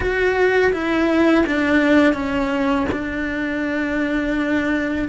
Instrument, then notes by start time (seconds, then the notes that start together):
cello
0.00 F#4
0.72 E4
1.46 D4
2.13 C#4
2.91 D4